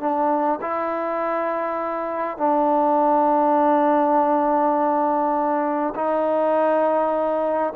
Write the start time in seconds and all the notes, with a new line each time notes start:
0.00 D4
0.61 E4
2.38 D4
5.95 D#4